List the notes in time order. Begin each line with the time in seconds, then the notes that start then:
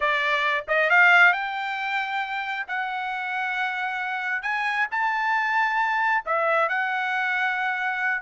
0.00 D5
0.68 D#5
0.90 F5
1.33 G5
2.67 F#5
4.42 G#5
4.91 A5
6.25 E5
6.68 F#5